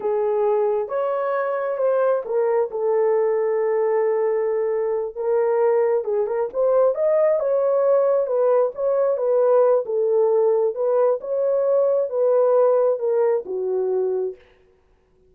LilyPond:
\new Staff \with { instrumentName = "horn" } { \time 4/4 \tempo 4 = 134 gis'2 cis''2 | c''4 ais'4 a'2~ | a'2.~ a'8 ais'8~ | ais'4. gis'8 ais'8 c''4 dis''8~ |
dis''8 cis''2 b'4 cis''8~ | cis''8 b'4. a'2 | b'4 cis''2 b'4~ | b'4 ais'4 fis'2 | }